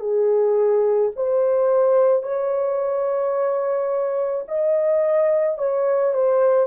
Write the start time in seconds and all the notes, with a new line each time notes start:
0.00 G#4
1.16 C5
2.23 C#5
4.48 D#5
5.58 C#5
6.14 C5